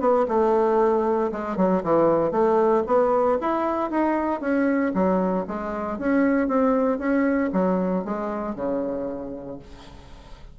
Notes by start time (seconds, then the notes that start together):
0.00 B3
0.28 A3
1.32 G#3
1.57 F#3
1.84 E3
2.32 A3
2.86 B3
3.41 E4
3.91 D#4
4.40 C#4
4.94 F#3
5.47 G#3
5.99 C#4
6.48 C4
6.99 C#4
7.53 F#3
8.05 G#3
8.56 C#3